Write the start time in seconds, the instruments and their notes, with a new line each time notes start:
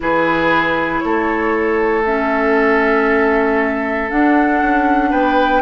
0.00 bassoon E3, clarinet E4, oboe G#4, flute B4
0.99 bassoon A3, oboe A4, flute C#5
2.05 clarinet C#4, flute E5
4.09 clarinet D4, bassoon D4, flute F#5
4.61 bassoon C#4
5.10 bassoon B3, oboe B4, flute G5